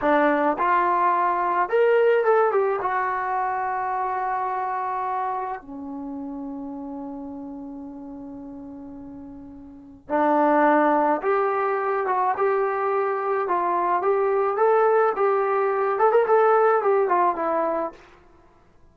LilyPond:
\new Staff \with { instrumentName = "trombone" } { \time 4/4 \tempo 4 = 107 d'4 f'2 ais'4 | a'8 g'8 fis'2.~ | fis'2 cis'2~ | cis'1~ |
cis'2 d'2 | g'4. fis'8 g'2 | f'4 g'4 a'4 g'4~ | g'8 a'16 ais'16 a'4 g'8 f'8 e'4 | }